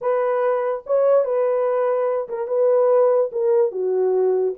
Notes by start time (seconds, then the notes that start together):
0.01 B4
0.86 C#5
1.24 B4
2.28 A#4
2.47 B4
3.32 A#4
3.71 F#4